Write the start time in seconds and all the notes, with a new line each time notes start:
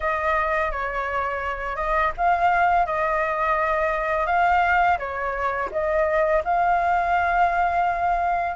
0.00 D#5
0.71 C#5
1.76 D#5
2.17 F5
2.85 D#5
4.26 F5
4.98 C#5
5.71 D#5
6.44 F5